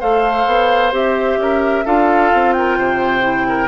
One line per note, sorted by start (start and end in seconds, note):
0.00 0.46 A3
0.00 0.92 A4
0.00 1.38 C5
0.00 0.93 F5
0.46 0.92 B3
0.92 1.37 C4
0.92 1.84 G4
0.92 1.87 E5
1.37 1.83 C#4
1.37 1.85 A#4
1.85 2.32 D4
1.85 3.21 F4
1.85 2.54 A4
1.85 2.53 F5
2.34 2.78 C4
2.53 2.78 A#4
2.53 3.68 G5
2.78 3.68 C3
2.78 3.47 C5
3.21 3.67 E4
3.48 3.68 A#4